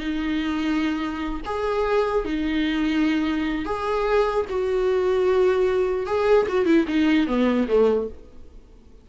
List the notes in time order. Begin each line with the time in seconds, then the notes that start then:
0.00 D#4
1.46 G#4
2.25 D#4
3.66 G#4
4.49 F#4
6.07 G#4
6.49 F#4
6.66 E4
6.88 D#4
7.28 B3
7.68 A3